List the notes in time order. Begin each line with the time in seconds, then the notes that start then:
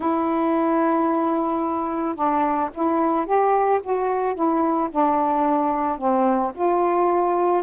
0.00 E4
2.15 D4
2.74 E4
3.26 G4
3.83 F#4
4.34 E4
4.91 D4
5.98 C4
6.54 F4